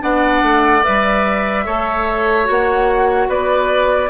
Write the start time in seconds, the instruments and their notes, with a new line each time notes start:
0.00 bassoon B3, clarinet D4, oboe D5, flute F#5
0.43 bassoon A3
0.84 bassoon G3, clarinet B4, flute E5
1.66 bassoon A3, clarinet A4, oboe C#5
2.45 bassoon A#3, clarinet F#4, flute F#5
3.28 bassoon B3, oboe B4, flute D5